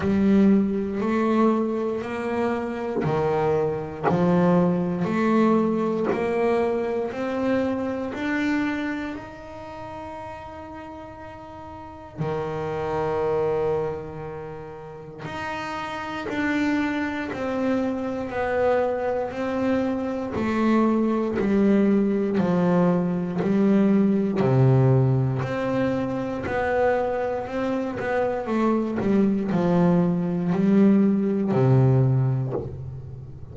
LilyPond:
\new Staff \with { instrumentName = "double bass" } { \time 4/4 \tempo 4 = 59 g4 a4 ais4 dis4 | f4 a4 ais4 c'4 | d'4 dis'2. | dis2. dis'4 |
d'4 c'4 b4 c'4 | a4 g4 f4 g4 | c4 c'4 b4 c'8 b8 | a8 g8 f4 g4 c4 | }